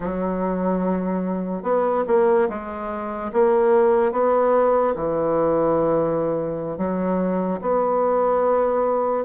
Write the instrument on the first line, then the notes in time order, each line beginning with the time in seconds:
bassoon
0.00 F#3
1.62 B3
2.07 A#3
2.49 G#3
3.33 A#3
4.12 B3
4.95 E3
6.77 F#3
7.61 B3